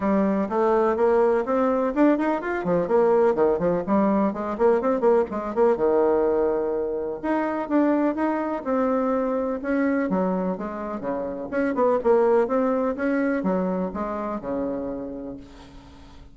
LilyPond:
\new Staff \with { instrumentName = "bassoon" } { \time 4/4 \tempo 4 = 125 g4 a4 ais4 c'4 | d'8 dis'8 f'8 f8 ais4 dis8 f8 | g4 gis8 ais8 c'8 ais8 gis8 ais8 | dis2. dis'4 |
d'4 dis'4 c'2 | cis'4 fis4 gis4 cis4 | cis'8 b8 ais4 c'4 cis'4 | fis4 gis4 cis2 | }